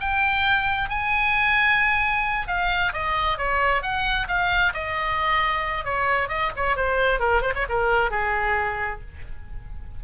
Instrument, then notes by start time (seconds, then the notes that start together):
oboe
0.00 G5
0.89 G#5
2.48 F5
2.93 D#5
3.38 C#5
3.82 F#5
4.28 F5
4.74 D#5
5.85 C#5
6.29 D#5
6.56 C#5
6.76 C5
7.19 A#4
7.42 C5
7.55 C#5
7.69 A#4
8.11 G#4